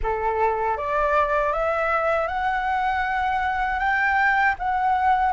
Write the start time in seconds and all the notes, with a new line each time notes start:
0.02 A4
0.77 D5
1.52 E5
2.28 F#5
3.79 G5
4.58 F#5